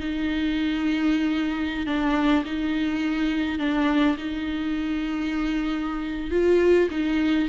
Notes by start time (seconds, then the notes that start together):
0.00 D#4
1.86 D4
2.45 D#4
3.59 D4
4.17 D#4
6.31 F4
6.90 D#4